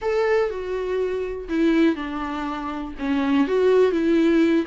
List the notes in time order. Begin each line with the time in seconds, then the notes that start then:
0.01 A4
0.50 F#4
1.48 E4
1.95 D4
2.98 C#4
3.47 F#4
3.91 E4